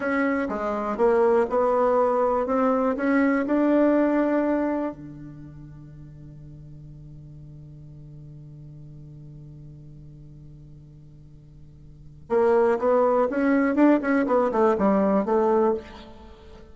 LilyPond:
\new Staff \with { instrumentName = "bassoon" } { \time 4/4 \tempo 4 = 122 cis'4 gis4 ais4 b4~ | b4 c'4 cis'4 d'4~ | d'2 d2~ | d1~ |
d1~ | d1~ | d4 ais4 b4 cis'4 | d'8 cis'8 b8 a8 g4 a4 | }